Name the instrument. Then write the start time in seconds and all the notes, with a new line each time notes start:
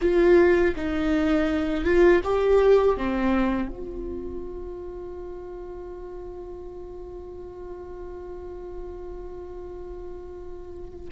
viola
0.01 F4
0.76 D#4
1.84 F4
2.24 G4
2.97 C4
3.68 F4